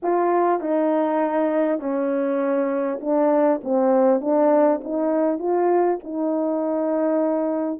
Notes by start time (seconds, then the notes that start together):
0.02 F4
0.60 D#4
1.79 C#4
3.01 D4
3.63 C4
4.20 D4
4.83 D#4
5.38 F4
6.03 D#4